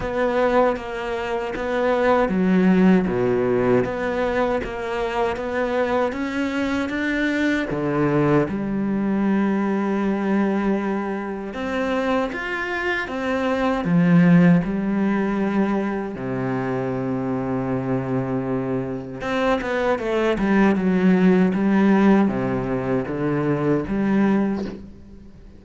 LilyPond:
\new Staff \with { instrumentName = "cello" } { \time 4/4 \tempo 4 = 78 b4 ais4 b4 fis4 | b,4 b4 ais4 b4 | cis'4 d'4 d4 g4~ | g2. c'4 |
f'4 c'4 f4 g4~ | g4 c2.~ | c4 c'8 b8 a8 g8 fis4 | g4 c4 d4 g4 | }